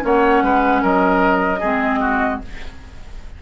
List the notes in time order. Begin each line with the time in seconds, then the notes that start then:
0.00 A#3 C#4 C#5 F#5
0.42 G#3 B4
0.82 F#3 A#4 D#5
1.59 G#3 C4 G#4
2.00 F#4